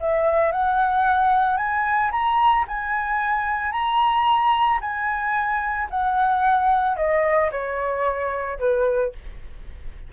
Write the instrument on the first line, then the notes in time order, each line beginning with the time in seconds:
flute
0.00 E5
0.51 F#5
1.57 G#5
2.11 A#5
2.68 G#5
3.71 A#5
4.81 G#5
5.90 F#5
6.96 D#5
7.51 C#5
8.59 B4